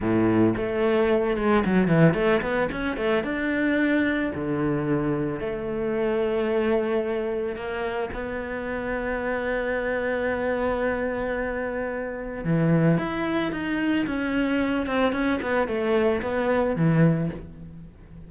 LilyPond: \new Staff \with { instrumentName = "cello" } { \time 4/4 \tempo 4 = 111 a,4 a4. gis8 fis8 e8 | a8 b8 cis'8 a8 d'2 | d2 a2~ | a2 ais4 b4~ |
b1~ | b2. e4 | e'4 dis'4 cis'4. c'8 | cis'8 b8 a4 b4 e4 | }